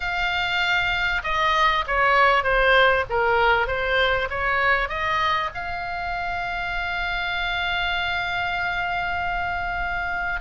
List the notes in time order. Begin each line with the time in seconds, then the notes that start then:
0.00 F5
1.23 D#5
1.87 C#5
2.43 C5
3.09 A#4
3.67 C5
4.29 C#5
4.88 D#5
5.54 F5